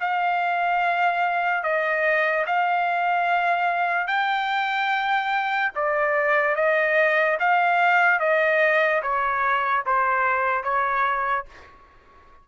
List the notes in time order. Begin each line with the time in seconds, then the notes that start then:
0.00 F5
1.63 D#5
2.47 F5
4.07 G5
5.75 D5
6.56 D#5
7.40 F5
8.20 D#5
9.03 C#5
9.86 C5
10.64 C#5